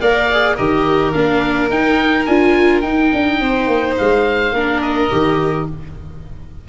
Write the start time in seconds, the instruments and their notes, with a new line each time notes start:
0.00 tuba A#3, viola A#4, violin D5, oboe F5
0.31 viola G#4
0.54 tuba D#3, viola G4, violin A#4, oboe D#5
1.12 tuba A#3, viola D4, oboe F5
1.69 tuba D#4, viola D#4, oboe G5
2.25 tuba D4, viola F4, oboe G#5
2.81 viola D#4, tuba D#4, oboe G5
3.13 tuba D4
3.40 tuba C4, violin C5
3.67 tuba A#3
3.98 tuba G#3, oboe F5
4.52 tuba A#3, viola D4, violin A#4
4.81 oboe D#5
5.10 tuba D#3, viola G4